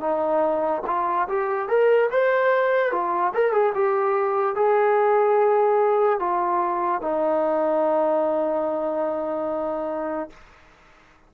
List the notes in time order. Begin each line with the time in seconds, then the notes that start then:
0.00 D#4
0.87 F4
1.29 G4
1.68 A#4
2.11 C5
2.92 F4
3.34 A#4
3.52 G#4
3.75 G4
4.55 G#4
6.19 F4
7.01 D#4